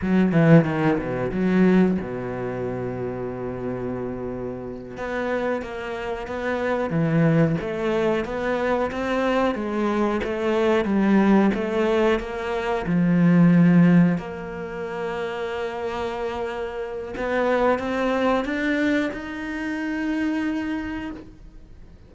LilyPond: \new Staff \with { instrumentName = "cello" } { \time 4/4 \tempo 4 = 91 fis8 e8 dis8 b,8 fis4 b,4~ | b,2.~ b,8 b8~ | b8 ais4 b4 e4 a8~ | a8 b4 c'4 gis4 a8~ |
a8 g4 a4 ais4 f8~ | f4. ais2~ ais8~ | ais2 b4 c'4 | d'4 dis'2. | }